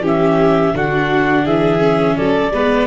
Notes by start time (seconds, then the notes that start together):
0.00 E3 C#4 G4
0.07 E5
0.74 D3 D4 F#4 F#5
1.45 E3 G#4 E5
1.79 C#4
2.17 F#3 A4 D5
2.51 G#3 B3 B4